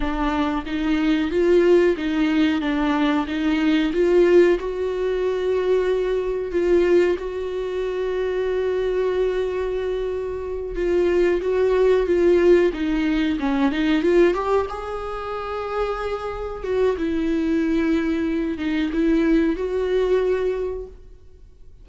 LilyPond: \new Staff \with { instrumentName = "viola" } { \time 4/4 \tempo 4 = 92 d'4 dis'4 f'4 dis'4 | d'4 dis'4 f'4 fis'4~ | fis'2 f'4 fis'4~ | fis'1~ |
fis'8 f'4 fis'4 f'4 dis'8~ | dis'8 cis'8 dis'8 f'8 g'8 gis'4.~ | gis'4. fis'8 e'2~ | e'8 dis'8 e'4 fis'2 | }